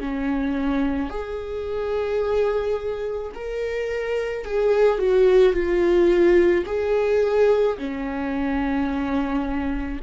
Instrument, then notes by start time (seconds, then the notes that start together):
viola
0.00 C#4
1.10 G#4
3.34 A#4
4.44 G#4
4.98 F#4
5.53 F4
6.66 G#4
7.78 C#4